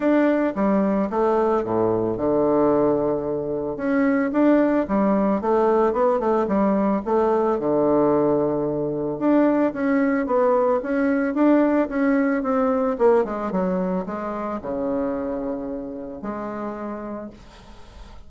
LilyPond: \new Staff \with { instrumentName = "bassoon" } { \time 4/4 \tempo 4 = 111 d'4 g4 a4 a,4 | d2. cis'4 | d'4 g4 a4 b8 a8 | g4 a4 d2~ |
d4 d'4 cis'4 b4 | cis'4 d'4 cis'4 c'4 | ais8 gis8 fis4 gis4 cis4~ | cis2 gis2 | }